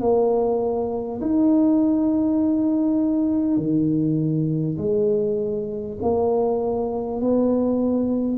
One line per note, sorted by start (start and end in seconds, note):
0.00 1.20 A#3
1.21 3.57 D#4
3.57 4.77 D#3
4.77 5.97 G#3
6.02 7.20 A#3
7.20 8.37 B3